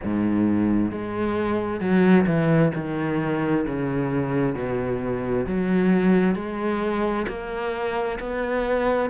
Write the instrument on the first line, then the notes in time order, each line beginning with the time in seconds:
cello
0.04 G#2
0.91 G#3
1.80 F#3
2.26 E3
2.74 D#3
3.66 C#3
4.55 B2
5.46 F#3
6.35 G#3
7.27 A#3
8.19 B3